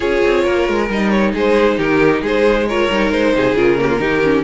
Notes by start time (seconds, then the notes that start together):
0.00 C#4 F4 G#4 C#5
0.24 C4
0.43 A#3 A#4
0.68 G#3
0.89 G3 D#4 D#5
1.10 C#5
1.33 G#3 G#4 C5
1.78 D#3 G4 A#4
2.21 G#3 G#4 C5
2.67 F4 A#4 C#5
2.89 G3 D#4
3.10 G#3 C5
3.33 C3 G#4
3.53 C#3 F4 A#4
3.78 A#3 G4
3.88 F4
3.99 D#3 D#4 G4
4.23 C#4